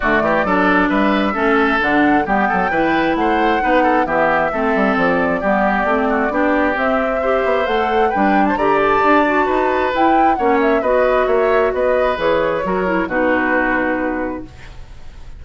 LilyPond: <<
  \new Staff \with { instrumentName = "flute" } { \time 4/4 \tempo 4 = 133 d''2 e''2 | fis''4 g''2 fis''4~ | fis''4 e''2 d''4~ | d''2. e''4~ |
e''4 fis''4 g''8. a''16 ais''8 a''8~ | a''2 g''4 fis''8 e''8 | dis''4 e''4 dis''4 cis''4~ | cis''4 b'2. | }
  \new Staff \with { instrumentName = "oboe" } { \time 4/4 fis'8 g'8 a'4 b'4 a'4~ | a'4 g'8 a'8 b'4 c''4 | b'8 a'8 g'4 a'2 | g'4. fis'8 g'2 |
c''2 b'8. c''16 d''4~ | d''4 b'2 cis''4 | b'4 cis''4 b'2 | ais'4 fis'2. | }
  \new Staff \with { instrumentName = "clarinet" } { \time 4/4 a4 d'2 cis'4 | d'4 b4 e'2 | dis'4 b4 c'2 | b4 c'4 d'4 c'4 |
g'4 a'4 d'4 g'4~ | g'8 fis'4. e'4 cis'4 | fis'2. gis'4 | fis'8 e'8 dis'2. | }
  \new Staff \with { instrumentName = "bassoon" } { \time 4/4 d8 e8 fis4 g4 a4 | d4 g8 fis8 e4 a4 | b4 e4 a8 g8 f4 | g4 a4 b4 c'4~ |
c'8 b8 a4 g4 d4 | d'4 dis'4 e'4 ais4 | b4 ais4 b4 e4 | fis4 b,2. | }
>>